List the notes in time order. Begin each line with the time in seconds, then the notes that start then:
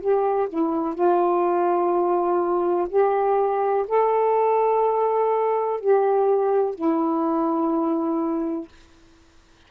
0.00 G4
0.49 E4
0.95 F4
2.89 G4
3.88 A4
5.80 G4
6.75 E4